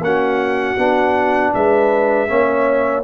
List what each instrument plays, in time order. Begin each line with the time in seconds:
0.00 tuba A#3, trombone C#4, horn F#4, trumpet F#5
0.77 tuba B3, trombone D4
1.54 tuba G#3, horn B4, trumpet E5
2.28 tuba A#3, trombone C#4, horn C#5